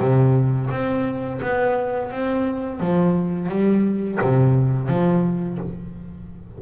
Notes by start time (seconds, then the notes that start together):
0.00 C3
0.71 C4
1.42 B3
2.12 C4
2.80 F3
3.49 G3
4.21 C3
4.89 F3